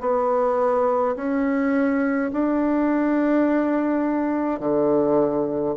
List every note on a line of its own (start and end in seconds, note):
0.00 1.15 B3
1.15 2.31 C#4
2.32 4.59 D4
4.59 5.75 D3